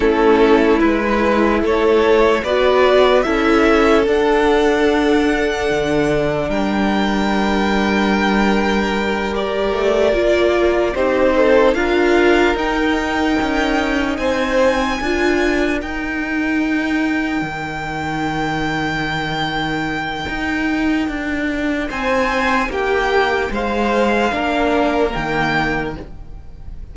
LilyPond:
<<
  \new Staff \with { instrumentName = "violin" } { \time 4/4 \tempo 4 = 74 a'4 b'4 cis''4 d''4 | e''4 fis''2. | g''2.~ g''8 d''8~ | d''4. c''4 f''4 g''8~ |
g''4. gis''2 g''8~ | g''1~ | g''2. gis''4 | g''4 f''2 g''4 | }
  \new Staff \with { instrumentName = "violin" } { \time 4/4 e'2 a'4 b'4 | a'1 | ais'1~ | ais'4. g'8 a'8 ais'4.~ |
ais'4. c''4 ais'4.~ | ais'1~ | ais'2. c''4 | g'4 c''4 ais'2 | }
  \new Staff \with { instrumentName = "viola" } { \time 4/4 cis'4 e'2 fis'4 | e'4 d'2.~ | d'2.~ d'8 g'8~ | g'8 f'4 dis'4 f'4 dis'8~ |
dis'2~ dis'8 f'4 dis'8~ | dis'1~ | dis'1~ | dis'2 d'4 ais4 | }
  \new Staff \with { instrumentName = "cello" } { \time 4/4 a4 gis4 a4 b4 | cis'4 d'2 d4 | g1 | a8 ais4 c'4 d'4 dis'8~ |
dis'8 cis'4 c'4 d'4 dis'8~ | dis'4. dis2~ dis8~ | dis4 dis'4 d'4 c'4 | ais4 gis4 ais4 dis4 | }
>>